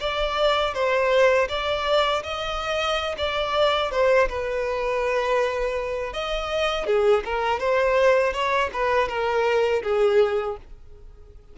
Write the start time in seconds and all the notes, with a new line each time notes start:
0.00 D5
0.74 C5
1.49 D5
2.23 D#5
3.18 D5
3.91 C5
4.29 B4
6.13 D#5
6.86 G#4
7.25 A#4
7.59 C5
8.33 C#5
8.73 B4
9.08 A#4
9.82 G#4